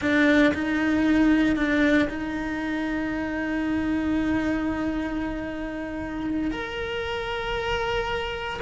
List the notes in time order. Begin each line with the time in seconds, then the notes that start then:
0.01 D4
0.54 D#4
1.56 D4
2.09 D#4
6.51 A#4